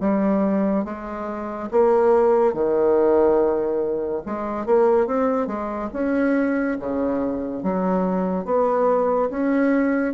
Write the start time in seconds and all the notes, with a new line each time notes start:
0.00 G3
0.85 G#3
1.71 A#3
2.53 D#3
4.26 G#3
4.66 A#3
5.06 C4
5.47 G#3
5.93 C#4
6.79 C#3
7.63 F#3
8.45 B3
9.30 C#4